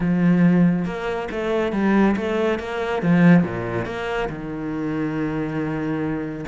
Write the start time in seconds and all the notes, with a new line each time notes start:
0.00 F3
0.85 A#3
1.31 A3
1.72 G3
2.16 A3
2.59 A#3
3.02 F3
3.43 A#2
3.85 A#3
4.29 D#3